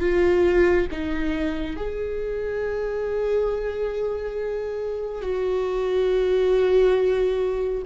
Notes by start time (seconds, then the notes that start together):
0.00 F4
0.91 D#4
1.76 G#4
5.22 F#4